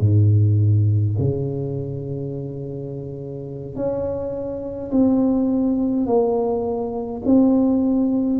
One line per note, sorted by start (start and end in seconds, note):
0.00 1.15 G#2
1.19 3.76 C#3
3.76 4.91 C#4
4.91 6.07 C4
6.07 7.22 A#3
7.25 8.40 C4